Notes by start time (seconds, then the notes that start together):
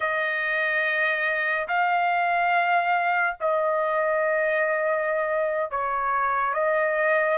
0.00 D#5
1.67 F5
3.40 D#5
5.70 C#5
6.53 D#5